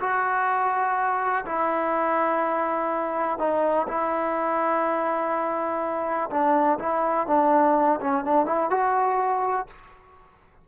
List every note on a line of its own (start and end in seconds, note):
0.00 1.45 F#4
1.45 3.38 E4
3.38 3.87 D#4
3.88 6.30 E4
6.30 6.79 D4
6.79 7.27 E4
7.27 8.00 D4
8.00 8.24 C#4
8.24 8.46 D4
8.46 8.70 E4
8.70 9.67 F#4